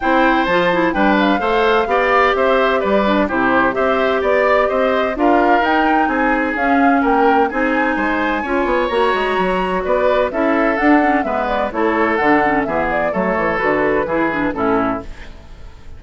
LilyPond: <<
  \new Staff \with { instrumentName = "flute" } { \time 4/4 \tempo 4 = 128 g''4 a''4 g''8 f''4.~ | f''4 e''4 d''4 c''4 | e''4 d''4 dis''4 f''4 | g''4 gis''4 f''4 g''4 |
gis''2. ais''4~ | ais''4 d''4 e''4 fis''4 | e''8 d''8 cis''4 fis''4 e''8 d''8 | cis''4 b'2 a'4 | }
  \new Staff \with { instrumentName = "oboe" } { \time 4/4 c''2 b'4 c''4 | d''4 c''4 b'4 g'4 | c''4 d''4 c''4 ais'4~ | ais'4 gis'2 ais'4 |
gis'4 c''4 cis''2~ | cis''4 b'4 a'2 | b'4 a'2 gis'4 | a'2 gis'4 e'4 | }
  \new Staff \with { instrumentName = "clarinet" } { \time 4/4 e'4 f'8 e'8 d'4 a'4 | g'2~ g'8 d'8 e'4 | g'2. f'4 | dis'2 cis'2 |
dis'2 f'4 fis'4~ | fis'2 e'4 d'8 cis'8 | b4 e'4 d'8 cis'8 b4 | a4 fis'4 e'8 d'8 cis'4 | }
  \new Staff \with { instrumentName = "bassoon" } { \time 4/4 c'4 f4 g4 a4 | b4 c'4 g4 c4 | c'4 b4 c'4 d'4 | dis'4 c'4 cis'4 ais4 |
c'4 gis4 cis'8 b8 ais8 gis8 | fis4 b4 cis'4 d'4 | gis4 a4 d4 e4 | fis8 e8 d4 e4 a,4 | }
>>